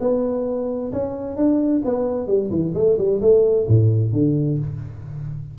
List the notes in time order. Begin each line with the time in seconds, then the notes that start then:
0.00 B3
0.92 C#4
1.36 D4
1.85 B3
2.27 G3
2.50 E3
2.74 A3
2.98 G3
3.21 A3
3.67 A2
4.12 D3